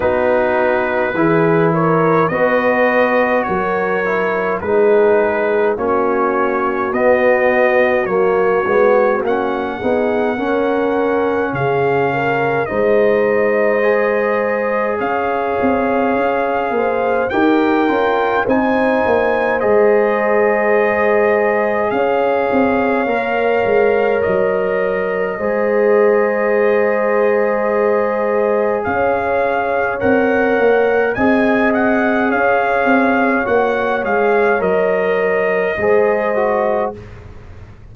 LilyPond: <<
  \new Staff \with { instrumentName = "trumpet" } { \time 4/4 \tempo 4 = 52 b'4. cis''8 dis''4 cis''4 | b'4 cis''4 dis''4 cis''4 | fis''2 f''4 dis''4~ | dis''4 f''2 g''4 |
gis''4 dis''2 f''4~ | f''4 dis''2.~ | dis''4 f''4 fis''4 gis''8 fis''8 | f''4 fis''8 f''8 dis''2 | }
  \new Staff \with { instrumentName = "horn" } { \time 4/4 fis'4 gis'8 ais'8 b'4 ais'4 | gis'4 fis'2.~ | fis'8 gis'8 ais'4 gis'8 ais'8 c''4~ | c''4 cis''4. c''8 ais'4 |
c''2. cis''4~ | cis''2 c''2~ | c''4 cis''2 dis''4 | cis''2. c''4 | }
  \new Staff \with { instrumentName = "trombone" } { \time 4/4 dis'4 e'4 fis'4. e'8 | dis'4 cis'4 b4 ais8 b8 | cis'8 dis'8 cis'2 dis'4 | gis'2. g'8 f'8 |
dis'4 gis'2. | ais'2 gis'2~ | gis'2 ais'4 gis'4~ | gis'4 fis'8 gis'8 ais'4 gis'8 fis'8 | }
  \new Staff \with { instrumentName = "tuba" } { \time 4/4 b4 e4 b4 fis4 | gis4 ais4 b4 fis8 gis8 | ais8 b8 cis'4 cis4 gis4~ | gis4 cis'8 c'8 cis'8 ais8 dis'8 cis'8 |
c'8 ais8 gis2 cis'8 c'8 | ais8 gis8 fis4 gis2~ | gis4 cis'4 c'8 ais8 c'4 | cis'8 c'8 ais8 gis8 fis4 gis4 | }
>>